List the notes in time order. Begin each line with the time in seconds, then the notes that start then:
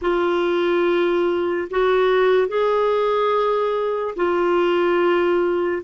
0.02 F4
1.70 F#4
2.48 G#4
4.16 F4